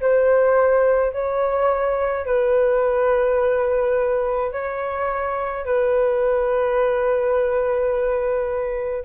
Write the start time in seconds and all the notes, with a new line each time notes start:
0.00 C5
1.12 C#5
2.25 B4
4.52 C#5
5.65 B4